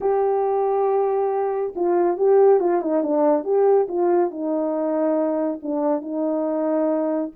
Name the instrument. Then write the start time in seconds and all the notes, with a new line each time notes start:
horn
0.00 G4
1.75 F4
2.17 G4
2.60 F4
2.81 D#4
3.03 D4
3.44 G4
3.88 F4
4.30 D#4
5.62 D4
6.01 D#4